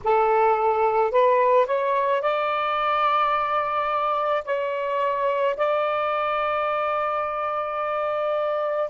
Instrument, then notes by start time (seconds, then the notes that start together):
saxophone
0.04 A4
1.11 B4
1.66 C#5
2.21 D5
4.44 C#5
5.57 D5